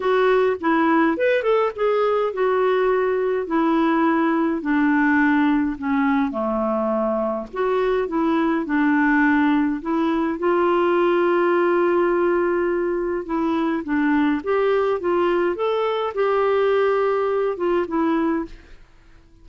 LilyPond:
\new Staff \with { instrumentName = "clarinet" } { \time 4/4 \tempo 4 = 104 fis'4 e'4 b'8 a'8 gis'4 | fis'2 e'2 | d'2 cis'4 a4~ | a4 fis'4 e'4 d'4~ |
d'4 e'4 f'2~ | f'2. e'4 | d'4 g'4 f'4 a'4 | g'2~ g'8 f'8 e'4 | }